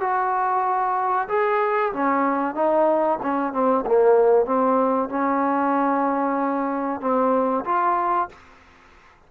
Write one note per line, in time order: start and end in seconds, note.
0.00 1.28 F#4
1.28 1.92 G#4
1.92 2.54 C#4
2.54 3.18 D#4
3.22 3.53 C#4
3.53 3.84 C4
3.86 4.45 A#3
4.45 5.09 C4
5.09 7.00 C#4
7.00 7.64 C4
7.65 8.29 F4